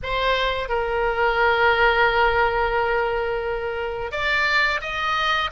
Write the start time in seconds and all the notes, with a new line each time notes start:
0.03 C5
0.69 A#4
4.11 D5
4.81 D#5